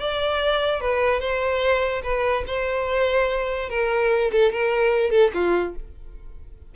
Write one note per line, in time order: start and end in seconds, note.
0.00 0.81 D5
0.81 1.20 B4
1.20 2.02 C5
2.03 2.44 B4
2.47 3.69 C5
3.69 4.31 A#4
4.32 4.52 A4
4.52 5.11 A#4
5.11 5.31 A4
5.34 5.75 F4